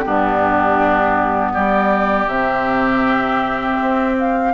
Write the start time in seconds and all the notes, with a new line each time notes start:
0.00 B3 D4 G4
0.06 G2
1.53 G3 G4 D5
2.27 C3 C4 E5
3.82 C4
4.19 F5